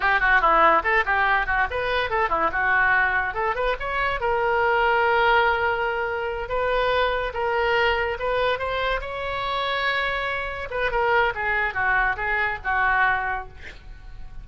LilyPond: \new Staff \with { instrumentName = "oboe" } { \time 4/4 \tempo 4 = 143 g'8 fis'8 e'4 a'8 g'4 fis'8 | b'4 a'8 e'8 fis'2 | a'8 b'8 cis''4 ais'2~ | ais'2.~ ais'8 b'8~ |
b'4. ais'2 b'8~ | b'8 c''4 cis''2~ cis''8~ | cis''4. b'8 ais'4 gis'4 | fis'4 gis'4 fis'2 | }